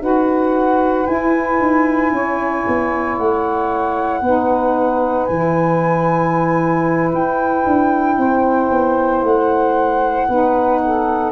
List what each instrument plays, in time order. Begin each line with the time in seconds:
0.00 tuba D#4, saxophone F#4 B4, flute F#5
1.06 saxophone E4, tuba E4, flute G#5
1.59 tuba D#4
2.12 tuba C#4, saxophone C#5
2.67 tuba B3
3.18 tuba A3, flute F#5
4.20 tuba B3, saxophone D#4 B4
5.25 tuba E3, saxophone E4, flute G#5
7.12 tuba E4, flute G5
7.66 tuba D4
8.17 tuba C4, saxophone C5
8.71 tuba B3
9.22 tuba A3, flute F#5
10.28 tuba B3, saxophone D#4 B4
10.84 saxophone A4